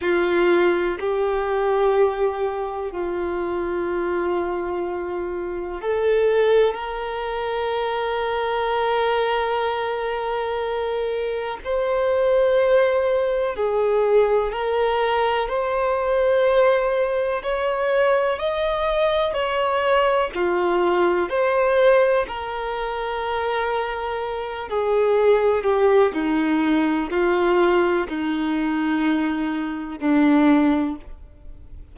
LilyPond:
\new Staff \with { instrumentName = "violin" } { \time 4/4 \tempo 4 = 62 f'4 g'2 f'4~ | f'2 a'4 ais'4~ | ais'1 | c''2 gis'4 ais'4 |
c''2 cis''4 dis''4 | cis''4 f'4 c''4 ais'4~ | ais'4. gis'4 g'8 dis'4 | f'4 dis'2 d'4 | }